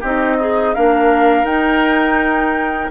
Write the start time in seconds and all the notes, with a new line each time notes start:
0.00 C4 D#4 G4 D#5
0.39 D#4 G#4
0.74 A#3 D4 A#4 F5
1.43 D#4 G5